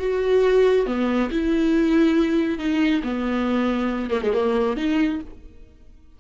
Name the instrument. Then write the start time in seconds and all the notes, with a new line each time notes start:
viola
0.00 F#4
0.87 B3
1.31 E4
2.59 D#4
3.04 B3
4.11 A#3
4.23 G#3
4.34 A#3
4.77 D#4